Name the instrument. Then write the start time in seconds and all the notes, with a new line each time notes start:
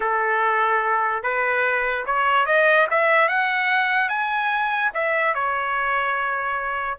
trumpet
0.00 A4
1.23 B4
2.06 C#5
2.46 D#5
2.90 E5
3.28 F#5
4.09 G#5
4.94 E5
5.34 C#5